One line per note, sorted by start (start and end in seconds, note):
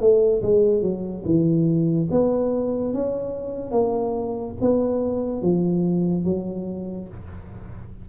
0.00 0.42 A3
0.42 0.81 G#3
0.81 1.23 F#3
1.25 2.08 E3
2.10 2.93 B3
2.93 3.71 C#4
3.71 4.55 A#3
4.61 5.42 B3
5.42 6.24 F3
6.24 7.08 F#3